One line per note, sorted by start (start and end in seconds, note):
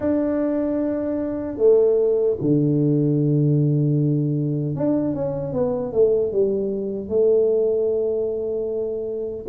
0.00 1.57 D4
1.57 2.36 A3
2.40 4.75 D3
4.75 5.14 D4
5.14 5.53 C#4
5.53 5.92 B3
5.92 6.32 A3
6.32 7.08 G3
7.08 9.45 A3